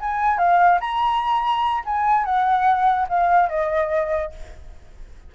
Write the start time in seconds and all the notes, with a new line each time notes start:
0.00 G#5
0.38 F5
0.80 A#5
1.85 G#5
2.25 F#5
3.09 F5
3.49 D#5